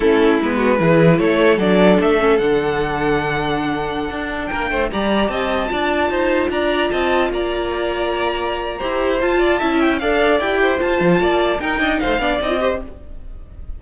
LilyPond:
<<
  \new Staff \with { instrumentName = "violin" } { \time 4/4 \tempo 4 = 150 a'4 b'2 cis''4 | d''4 e''4 fis''2~ | fis''2.~ fis''16 g''8.~ | g''16 ais''4 a''2~ a''8.~ |
a''16 ais''4 a''4 ais''4.~ ais''16~ | ais''2. a''4~ | a''8 g''8 f''4 g''4 a''4~ | a''4 g''4 f''4 dis''4 | }
  \new Staff \with { instrumentName = "violin" } { \time 4/4 e'4. fis'8 gis'4 a'4~ | a'1~ | a'2.~ a'16 ais'8 c''16~ | c''16 d''4 dis''4 d''4 c''8.~ |
c''16 d''4 dis''4 d''4.~ d''16~ | d''2 c''4. d''8 | e''4 d''4. c''4. | d''4 ais'8 dis''8 c''8 d''4 c''8 | }
  \new Staff \with { instrumentName = "viola" } { \time 4/4 cis'4 b4 e'2 | d'4. cis'8 d'2~ | d'1~ | d'16 g'2 f'4.~ f'16~ |
f'1~ | f'2 g'4 f'4 | e'4 a'4 g'4 f'4~ | f'4 dis'4. d'8 dis'16 f'16 g'8 | }
  \new Staff \with { instrumentName = "cello" } { \time 4/4 a4 gis4 e4 a4 | fis4 a4 d2~ | d2~ d16 d'4 ais8 a16~ | a16 g4 c'4 d'4 dis'8.~ |
dis'16 d'4 c'4 ais4.~ ais16~ | ais2 e'4 f'4 | cis'4 d'4 e'4 f'8 f8 | ais4 dis'8 d'8 a8 b8 c'4 | }
>>